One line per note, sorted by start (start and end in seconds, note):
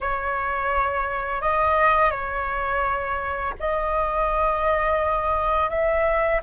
0.00 1.41 C#5
1.41 2.10 D#5
2.10 3.53 C#5
3.59 5.69 D#5
5.69 6.41 E5